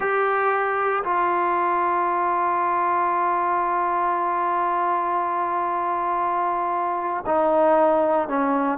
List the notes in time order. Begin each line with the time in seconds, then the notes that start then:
0.00 G4
1.03 F4
7.26 D#4
8.28 C#4